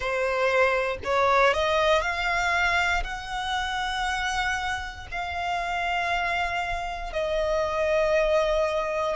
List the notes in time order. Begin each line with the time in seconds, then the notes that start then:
0.00 C5
1.04 C#5
1.53 D#5
2.01 F5
3.03 F#5
5.11 F5
7.12 D#5